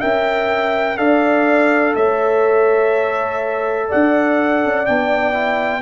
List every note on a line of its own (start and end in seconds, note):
0.00 0.98 C#4
0.00 0.98 A#4
0.00 0.97 E5
0.00 0.98 G5
0.98 1.95 D4
0.98 4.85 A4
0.98 1.95 D5
0.98 1.95 F5
1.96 3.90 A3
1.96 3.89 C#5
1.96 3.89 E5
3.89 4.64 D4
3.89 5.82 D5
3.89 4.86 F#5
4.64 4.88 C#4
4.86 5.82 B3
4.86 5.33 D4
4.86 5.82 G5
5.33 5.82 E4